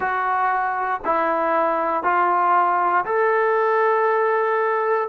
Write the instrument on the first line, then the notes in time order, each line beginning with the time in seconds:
trombone
0.00 F#4
1.04 E4
2.03 F4
3.05 A4